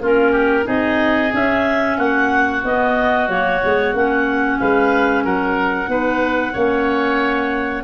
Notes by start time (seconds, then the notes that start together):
0.00 A#3 C#4 F4 A#4
0.32 G4
0.63 C4 D#4 G#4 D#5
1.32 C#4 E5
1.98 A#3 F#4 F#5
2.64 B3 D#5
3.28 F#3 A#3 C#5
3.62 G#3 B3
3.94 A#3 C#4 F#5
4.59 G#3 B4 F5
5.24 F#3 A#4 F#5
5.87 B3 D#4 B4
6.53 A#3 C#4 C#5